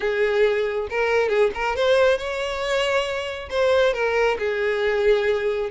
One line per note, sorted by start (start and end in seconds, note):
0.00 0.88 G#4
0.90 1.28 A#4
1.28 1.50 G#4
1.54 1.76 A#4
1.76 2.17 C5
2.17 3.49 C#5
3.49 3.93 C5
3.93 4.37 A#4
4.38 5.70 G#4